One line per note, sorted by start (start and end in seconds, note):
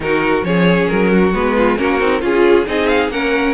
0.00 0.41 D#3
0.00 0.43 D#4
0.00 0.47 F#4
0.00 0.44 A#4
0.43 0.88 F3
0.43 1.33 C#4
0.43 1.12 G#4
0.43 0.88 C#5
0.88 1.34 F#3
0.88 1.32 A#4
1.12 1.56 F#4
1.34 1.79 G#3
1.34 1.76 B3
1.34 1.77 B4
1.56 1.78 F4
1.76 2.00 A#3
1.76 1.98 C#4
1.76 2.21 F#4
1.76 2.22 A#4
1.99 2.22 C4
1.99 2.21 D#4
2.21 2.66 C#4
2.21 2.65 F4
2.21 2.67 G#4
2.66 3.08 C4
2.66 3.10 D#4
2.66 3.12 G#4
2.66 2.87 D#5
2.87 3.10 F5
3.08 3.53 A#3
3.08 3.53 C#4
3.08 3.53 A#4
3.08 3.53 F#5